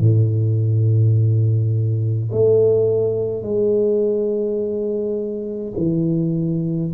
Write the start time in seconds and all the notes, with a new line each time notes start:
0.00 A2
2.32 A3
3.43 G#3
5.77 E3